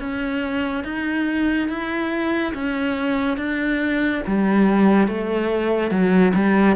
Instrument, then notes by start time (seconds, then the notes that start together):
cello
0.00 C#4
0.85 D#4
1.69 E4
2.54 C#4
3.38 D4
4.27 G3
5.08 A3
5.91 F#3
6.35 G3